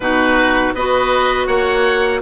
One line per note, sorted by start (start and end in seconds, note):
0.00 0.73 B2
0.00 0.75 D#4
0.00 0.74 F#4
0.00 0.73 B4
0.74 1.47 B3
0.74 2.21 F#4
0.74 1.46 B4
0.74 1.47 D#5
1.46 2.21 A#3
1.46 2.21 C#5
1.46 2.21 F#5